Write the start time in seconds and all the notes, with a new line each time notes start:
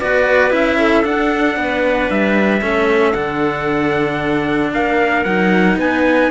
0.00 B3 F#4 B4 D5
0.51 C#4 E4 E5
0.79 A4
1.03 D4 F#5
1.57 B3 B4
2.10 G3 E5
2.61 A3 C#4 A4
3.13 D3 D4 F#5
4.73 A#3 A#4 F5
5.24 F#3 D#4 F#5
5.77 B3 B4 G#5